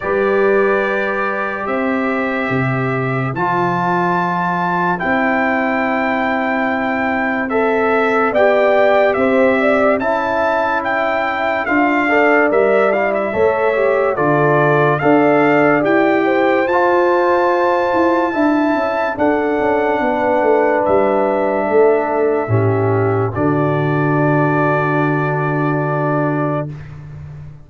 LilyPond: <<
  \new Staff \with { instrumentName = "trumpet" } { \time 4/4 \tempo 4 = 72 d''2 e''2 | a''2 g''2~ | g''4 e''4 g''4 e''4 | a''4 g''4 f''4 e''8 f''16 e''16~ |
e''4 d''4 f''4 g''4 | a''2. fis''4~ | fis''4 e''2. | d''1 | }
  \new Staff \with { instrumentName = "horn" } { \time 4/4 b'2 c''2~ | c''1~ | c''2 d''4 c''8 d''8 | e''2~ e''8 d''4. |
cis''4 a'4 d''4. c''8~ | c''2 e''4 a'4 | b'2 a'4 g'4 | fis'1 | }
  \new Staff \with { instrumentName = "trombone" } { \time 4/4 g'1 | f'2 e'2~ | e'4 a'4 g'2 | e'2 f'8 a'8 ais'8 e'8 |
a'8 g'8 f'4 a'4 g'4 | f'2 e'4 d'4~ | d'2. cis'4 | d'1 | }
  \new Staff \with { instrumentName = "tuba" } { \time 4/4 g2 c'4 c4 | f2 c'2~ | c'2 b4 c'4 | cis'2 d'4 g4 |
a4 d4 d'4 e'4 | f'4. e'8 d'8 cis'8 d'8 cis'8 | b8 a8 g4 a4 a,4 | d1 | }
>>